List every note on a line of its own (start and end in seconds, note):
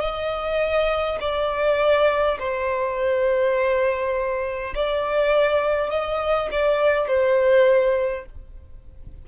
0.00 1.18 D#5
1.20 2.38 D5
2.39 4.74 C5
4.74 5.90 D5
5.90 6.49 D#5
6.51 7.07 D5
7.07 8.25 C5